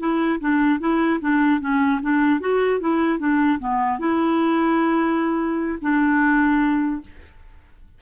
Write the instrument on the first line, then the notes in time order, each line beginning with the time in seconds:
clarinet
0.00 E4
0.40 D4
0.80 E4
1.21 D4
1.61 C#4
2.02 D4
2.40 F#4
2.80 E4
3.19 D4
3.59 B3
3.99 E4
5.81 D4